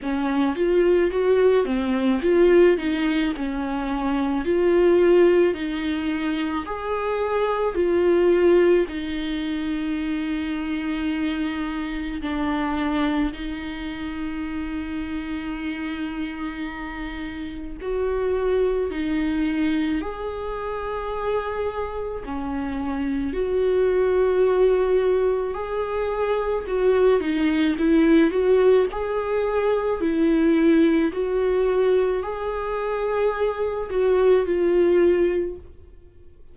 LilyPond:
\new Staff \with { instrumentName = "viola" } { \time 4/4 \tempo 4 = 54 cis'8 f'8 fis'8 c'8 f'8 dis'8 cis'4 | f'4 dis'4 gis'4 f'4 | dis'2. d'4 | dis'1 |
fis'4 dis'4 gis'2 | cis'4 fis'2 gis'4 | fis'8 dis'8 e'8 fis'8 gis'4 e'4 | fis'4 gis'4. fis'8 f'4 | }